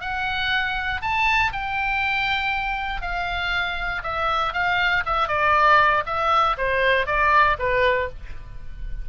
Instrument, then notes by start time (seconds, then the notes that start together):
oboe
0.00 F#5
1.01 A5
1.52 G5
3.02 F5
4.03 E5
4.53 F5
5.05 E5
5.28 D5
6.06 E5
6.58 C5
7.06 D5
7.59 B4